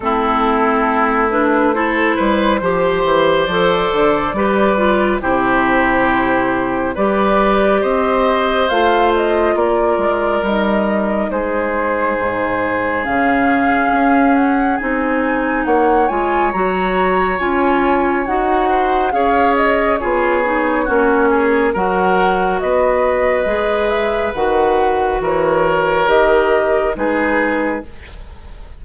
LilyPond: <<
  \new Staff \with { instrumentName = "flute" } { \time 4/4 \tempo 4 = 69 a'4. b'8 c''2 | d''2 c''2 | d''4 dis''4 f''8 dis''8 d''4 | dis''4 c''2 f''4~ |
f''8 fis''8 gis''4 fis''8 gis''8 ais''4 | gis''4 fis''4 f''8 dis''8 cis''4~ | cis''4 fis''4 dis''4. e''8 | fis''4 cis''4 dis''4 b'4 | }
  \new Staff \with { instrumentName = "oboe" } { \time 4/4 e'2 a'8 b'8 c''4~ | c''4 b'4 g'2 | b'4 c''2 ais'4~ | ais'4 gis'2.~ |
gis'2 cis''2~ | cis''4. c''8 cis''4 gis'4 | fis'8 gis'8 ais'4 b'2~ | b'4 ais'2 gis'4 | }
  \new Staff \with { instrumentName = "clarinet" } { \time 4/4 c'4. d'8 e'4 g'4 | a'4 g'8 f'8 e'2 | g'2 f'2 | dis'2. cis'4~ |
cis'4 dis'4. f'8 fis'4 | f'4 fis'4 gis'4 f'8 dis'8 | cis'4 fis'2 gis'4 | fis'2 g'4 dis'4 | }
  \new Staff \with { instrumentName = "bassoon" } { \time 4/4 a2~ a8 g8 f8 e8 | f8 d8 g4 c2 | g4 c'4 a4 ais8 gis8 | g4 gis4 gis,4 cis4 |
cis'4 c'4 ais8 gis8 fis4 | cis'4 dis'4 cis'4 b4 | ais4 fis4 b4 gis4 | dis4 e4 dis4 gis4 | }
>>